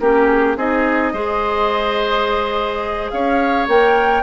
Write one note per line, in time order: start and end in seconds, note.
0.00 0.56 A#3
0.00 0.57 C#4
0.00 0.57 G4
0.00 0.28 A#4
0.28 0.56 G#4
0.56 1.13 C4
0.56 1.14 D#4
0.56 1.13 G#4
0.56 3.10 D#5
1.13 3.11 G#3
1.13 3.69 G#4
1.13 3.11 C5
3.10 3.68 C#4
3.10 4.23 C#5
3.10 3.67 F5
3.68 4.23 A#3
3.68 4.23 A#4
3.68 4.23 G5